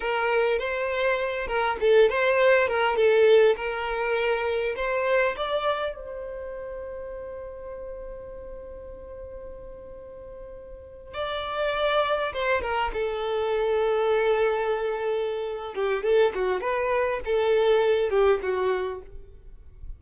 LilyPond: \new Staff \with { instrumentName = "violin" } { \time 4/4 \tempo 4 = 101 ais'4 c''4. ais'8 a'8 c''8~ | c''8 ais'8 a'4 ais'2 | c''4 d''4 c''2~ | c''1~ |
c''2~ c''8. d''4~ d''16~ | d''8. c''8 ais'8 a'2~ a'16~ | a'2~ a'8 g'8 a'8 fis'8 | b'4 a'4. g'8 fis'4 | }